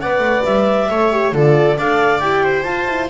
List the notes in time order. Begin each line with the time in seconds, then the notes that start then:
0.00 B3 B4 D5 F#5
0.19 A3
0.44 G3 E5
0.89 A3 A4 C#5
1.11 G4
1.32 D3 F4 A4 D5
1.78 D4 A4 D5 F5
2.20 E4 G4 G5
2.44 C5
2.63 F4 A5
2.89 E4